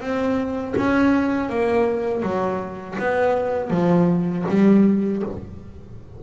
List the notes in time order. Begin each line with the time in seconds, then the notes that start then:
0.00 C4
0.77 C#4
1.49 A#3
2.23 F#3
2.99 B3
3.70 F3
4.49 G3